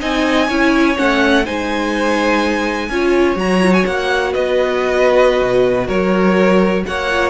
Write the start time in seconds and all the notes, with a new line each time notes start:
0.00 C4 D#4 D#5 G#5
0.48 C#4 E4 C#5
0.96 A3 C#4 F#5
1.44 G#3 D#4 C5 G#5
2.89 C#4 F4 C#5
3.35 F#3 F#4 A#5
3.62 F4
3.73 F#4 G#5
3.86 A#3 F#5
4.33 B3 B4 D#5
5.42 B2
5.87 F#3 A#4 C#5
6.86 A#3 C#5 F#5
7.09 F4